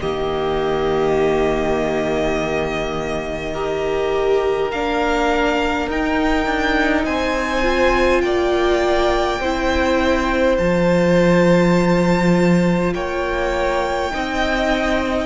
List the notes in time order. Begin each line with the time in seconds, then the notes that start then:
0.00 D#3 A#3 G4 D#5
3.53 G4 A#4
4.71 A#3 D4 F5
5.87 D#4 G5
6.45 D4
7.04 C4 C5 G#5
7.63 F4
8.21 A#3 D5 G5
9.40 C4 E4 C5
10.58 F3 F4 A5
12.93 A#3 C#5 G5
14.11 C4 D#4 D#5